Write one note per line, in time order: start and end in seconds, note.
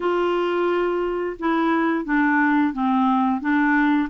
0.00 1.36 F4
1.39 2.05 E4
2.05 2.73 D4
2.73 3.40 C4
3.40 4.08 D4